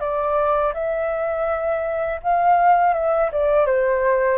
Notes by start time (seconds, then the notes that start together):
0.00 D5
0.74 E5
2.23 F5
2.94 E5
3.32 D5
3.66 C5